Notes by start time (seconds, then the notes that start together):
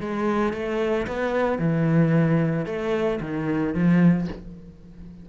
0.00 G#3
0.53 A3
1.07 B3
1.59 E3
2.66 A3
3.21 D#3
3.74 F3